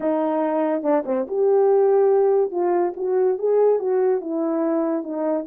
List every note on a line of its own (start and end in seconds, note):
0.00 0.82 D#4
0.82 1.03 D4
1.05 1.26 C4
1.27 2.51 G4
2.51 2.93 F4
2.96 3.38 F#4
3.38 3.79 G#4
3.79 4.20 F#4
4.20 5.03 E4
5.03 5.45 D#4